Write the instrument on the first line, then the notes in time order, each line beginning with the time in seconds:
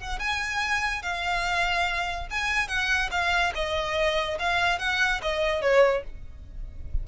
violin
0.00 F#5
0.20 G#5
1.03 F5
2.31 G#5
2.68 F#5
3.12 F5
3.55 D#5
4.40 F5
4.79 F#5
5.23 D#5
5.62 C#5